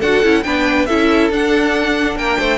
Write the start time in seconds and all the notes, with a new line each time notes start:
0.00 D4 F#4 A4 F#5
0.24 C#4 E4
0.43 B3 D4 B4 G5
0.86 C#4 E4 A4 E5
1.30 D4 F#5
2.16 A#3 A#4 G5
2.39 A3 C5